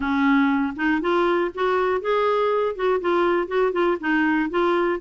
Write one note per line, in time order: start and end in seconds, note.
0.00 0.74 C#4
0.76 1.01 D#4
1.01 1.51 F4
1.54 2.01 F#4
2.01 2.75 G#4
2.75 3.00 F#4
3.00 3.47 F4
3.47 3.72 F#4
3.72 3.97 F4
4.00 4.50 D#4
4.50 5.00 F4